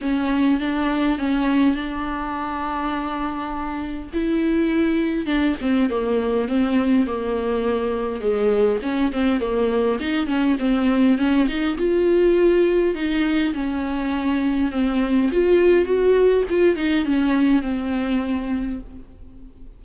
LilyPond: \new Staff \with { instrumentName = "viola" } { \time 4/4 \tempo 4 = 102 cis'4 d'4 cis'4 d'4~ | d'2. e'4~ | e'4 d'8 c'8 ais4 c'4 | ais2 gis4 cis'8 c'8 |
ais4 dis'8 cis'8 c'4 cis'8 dis'8 | f'2 dis'4 cis'4~ | cis'4 c'4 f'4 fis'4 | f'8 dis'8 cis'4 c'2 | }